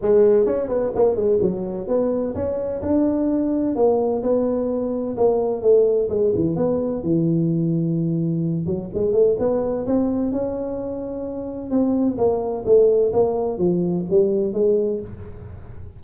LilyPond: \new Staff \with { instrumentName = "tuba" } { \time 4/4 \tempo 4 = 128 gis4 cis'8 b8 ais8 gis8 fis4 | b4 cis'4 d'2 | ais4 b2 ais4 | a4 gis8 e8 b4 e4~ |
e2~ e8 fis8 gis8 a8 | b4 c'4 cis'2~ | cis'4 c'4 ais4 a4 | ais4 f4 g4 gis4 | }